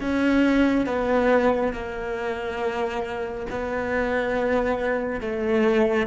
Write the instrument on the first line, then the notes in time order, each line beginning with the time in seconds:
cello
0.00 C#4
0.86 B3
1.72 A#3
3.49 B3
5.20 A3